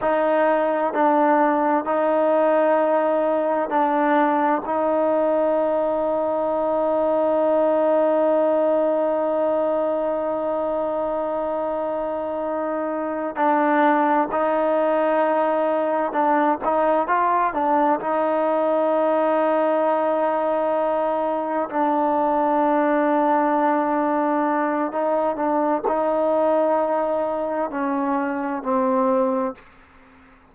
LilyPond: \new Staff \with { instrumentName = "trombone" } { \time 4/4 \tempo 4 = 65 dis'4 d'4 dis'2 | d'4 dis'2.~ | dis'1~ | dis'2~ dis'8 d'4 dis'8~ |
dis'4. d'8 dis'8 f'8 d'8 dis'8~ | dis'2.~ dis'8 d'8~ | d'2. dis'8 d'8 | dis'2 cis'4 c'4 | }